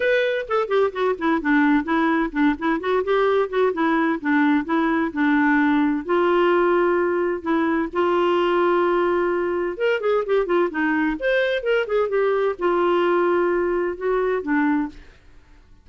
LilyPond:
\new Staff \with { instrumentName = "clarinet" } { \time 4/4 \tempo 4 = 129 b'4 a'8 g'8 fis'8 e'8 d'4 | e'4 d'8 e'8 fis'8 g'4 fis'8 | e'4 d'4 e'4 d'4~ | d'4 f'2. |
e'4 f'2.~ | f'4 ais'8 gis'8 g'8 f'8 dis'4 | c''4 ais'8 gis'8 g'4 f'4~ | f'2 fis'4 d'4 | }